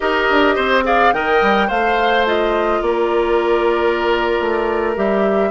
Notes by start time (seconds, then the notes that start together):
0.00 D#4 G4 A#4 D#5
0.30 D4
0.55 C4 C5
0.84 G#4 D5 F5
1.13 D#3 A#4 D#5 G5
1.41 G3
1.67 A3 C5 F5
2.26 F4 D#5
2.81 A#3 A#4 D5
4.40 A3
4.96 G3 G4 E5